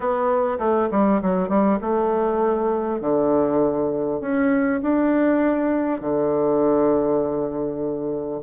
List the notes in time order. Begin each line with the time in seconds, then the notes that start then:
0.00 B3
0.58 A3
0.91 G3
1.22 F#3
1.48 G3
1.81 A3
3.01 D3
4.20 C#4
4.82 D4
6.01 D3